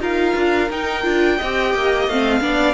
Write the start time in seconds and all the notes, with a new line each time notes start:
0.00 D#4 F4 A#4 F5
0.36 D4
0.71 D#4 G5
1.03 D4 F4
1.38 C4 D#5
1.44 G4
1.75 A#3
2.08 A3 C4 F5
2.41 B3 D4 D5